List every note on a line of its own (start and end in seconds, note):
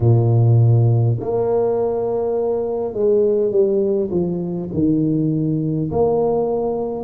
0.00 1.17 A#2
1.20 2.93 A#3
2.93 3.51 G#3
3.51 4.10 G3
4.10 4.69 F3
4.73 5.90 D#3
5.91 7.04 A#3